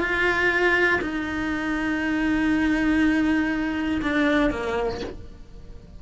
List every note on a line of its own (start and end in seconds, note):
0.00 1.00 F4
1.01 4.01 D#4
4.02 4.50 D4
4.50 5.00 A#3